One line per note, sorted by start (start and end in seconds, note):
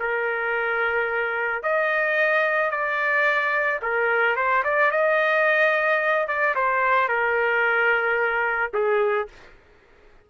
0.00 1.63 A#4
1.63 2.71 D#5
2.71 3.80 D5
3.83 4.36 A#4
4.36 4.64 C5
4.65 4.92 D5
4.92 6.28 D#5
6.28 6.55 D5
6.56 7.09 C5
7.09 8.72 A#4
8.74 9.28 G#4